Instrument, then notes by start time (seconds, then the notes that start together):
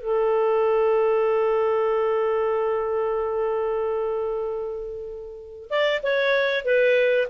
clarinet
0.00 A4
5.70 D5
6.03 C#5
6.65 B4